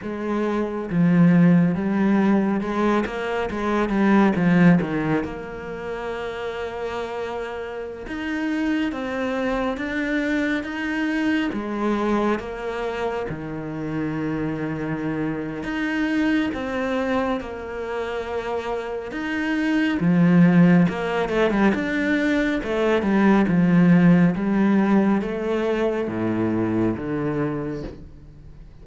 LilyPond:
\new Staff \with { instrumentName = "cello" } { \time 4/4 \tempo 4 = 69 gis4 f4 g4 gis8 ais8 | gis8 g8 f8 dis8 ais2~ | ais4~ ais16 dis'4 c'4 d'8.~ | d'16 dis'4 gis4 ais4 dis8.~ |
dis2 dis'4 c'4 | ais2 dis'4 f4 | ais8 a16 g16 d'4 a8 g8 f4 | g4 a4 a,4 d4 | }